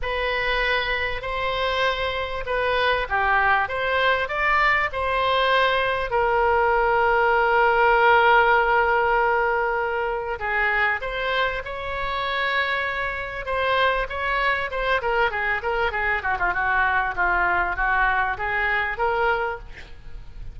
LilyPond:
\new Staff \with { instrumentName = "oboe" } { \time 4/4 \tempo 4 = 98 b'2 c''2 | b'4 g'4 c''4 d''4 | c''2 ais'2~ | ais'1~ |
ais'4 gis'4 c''4 cis''4~ | cis''2 c''4 cis''4 | c''8 ais'8 gis'8 ais'8 gis'8 fis'16 f'16 fis'4 | f'4 fis'4 gis'4 ais'4 | }